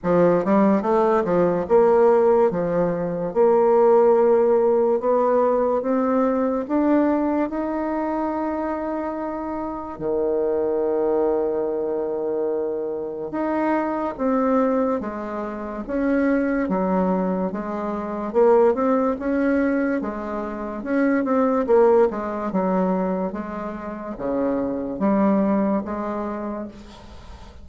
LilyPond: \new Staff \with { instrumentName = "bassoon" } { \time 4/4 \tempo 4 = 72 f8 g8 a8 f8 ais4 f4 | ais2 b4 c'4 | d'4 dis'2. | dis1 |
dis'4 c'4 gis4 cis'4 | fis4 gis4 ais8 c'8 cis'4 | gis4 cis'8 c'8 ais8 gis8 fis4 | gis4 cis4 g4 gis4 | }